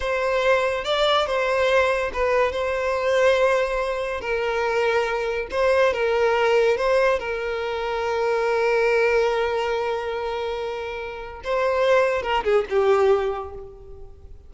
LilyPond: \new Staff \with { instrumentName = "violin" } { \time 4/4 \tempo 4 = 142 c''2 d''4 c''4~ | c''4 b'4 c''2~ | c''2 ais'2~ | ais'4 c''4 ais'2 |
c''4 ais'2.~ | ais'1~ | ais'2. c''4~ | c''4 ais'8 gis'8 g'2 | }